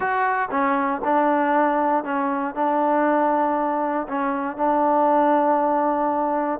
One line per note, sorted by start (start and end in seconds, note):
0.00 0.48 F#4
0.50 1.01 C#4
1.04 2.04 D4
2.04 2.54 C#4
2.54 4.07 D4
4.08 4.56 C#4
4.56 6.60 D4